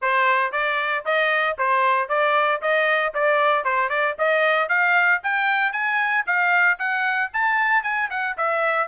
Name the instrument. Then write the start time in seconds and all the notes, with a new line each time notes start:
trumpet
0.01 C5
0.52 D5
1.05 D#5
1.57 C5
2.09 D5
2.61 D#5
3.14 D5
3.64 C5
3.89 D5
4.18 D#5
4.69 F5
5.23 G5
5.72 G#5
6.26 F5
6.78 F#5
7.33 A5
7.83 G#5
8.10 F#5
8.37 E5